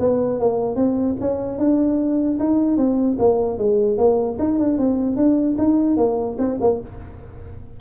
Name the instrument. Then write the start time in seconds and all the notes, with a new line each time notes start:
tuba
0.00 B3
0.40 A#3
0.76 C4
1.21 C#4
1.59 D4
2.40 D#4
2.78 C4
3.19 A#3
3.59 G#3
3.98 A#3
4.39 D#4
4.59 D4
4.78 C4
5.17 D4
5.59 D#4
5.97 A#3
6.39 C4
6.61 A#3